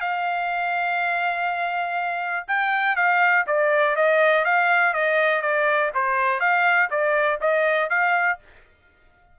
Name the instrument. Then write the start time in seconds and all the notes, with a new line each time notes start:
trumpet
0.00 F5
2.47 G5
2.96 F5
3.46 D5
3.96 D#5
4.45 F5
4.93 D#5
5.41 D5
5.94 C5
6.40 F5
6.90 D5
7.40 D#5
7.89 F5